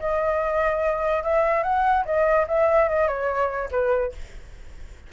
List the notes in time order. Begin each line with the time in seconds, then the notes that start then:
0.00 D#5
1.23 E5
1.63 F#5
2.05 D#5
2.48 E5
2.89 D#5
3.08 C#5
3.71 B4